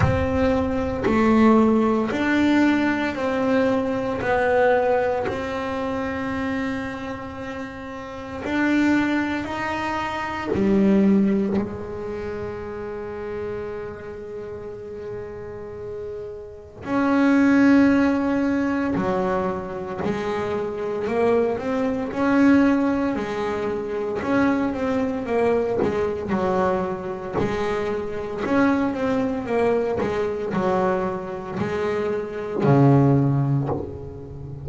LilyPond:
\new Staff \with { instrumentName = "double bass" } { \time 4/4 \tempo 4 = 57 c'4 a4 d'4 c'4 | b4 c'2. | d'4 dis'4 g4 gis4~ | gis1 |
cis'2 fis4 gis4 | ais8 c'8 cis'4 gis4 cis'8 c'8 | ais8 gis8 fis4 gis4 cis'8 c'8 | ais8 gis8 fis4 gis4 cis4 | }